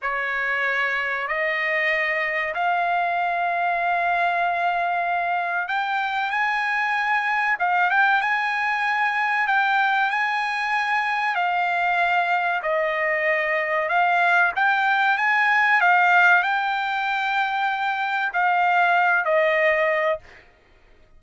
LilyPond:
\new Staff \with { instrumentName = "trumpet" } { \time 4/4 \tempo 4 = 95 cis''2 dis''2 | f''1~ | f''4 g''4 gis''2 | f''8 g''8 gis''2 g''4 |
gis''2 f''2 | dis''2 f''4 g''4 | gis''4 f''4 g''2~ | g''4 f''4. dis''4. | }